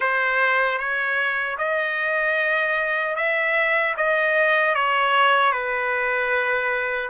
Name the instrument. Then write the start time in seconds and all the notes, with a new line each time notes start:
trumpet
0.00 C5
0.78 C#5
1.58 D#5
3.15 E5
3.97 D#5
4.74 C#5
5.52 B4